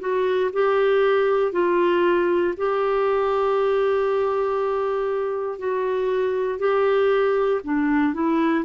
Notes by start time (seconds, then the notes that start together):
0.00 F#4
0.53 G4
1.53 F4
2.57 G4
5.59 F#4
6.59 G4
7.64 D4
8.14 E4